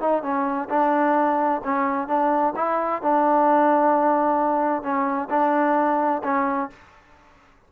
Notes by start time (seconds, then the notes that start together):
0.00 D#4
0.22 C#4
0.69 D4
1.64 C#4
2.07 D4
2.56 E4
3.02 D4
4.82 C#4
5.30 D4
6.23 C#4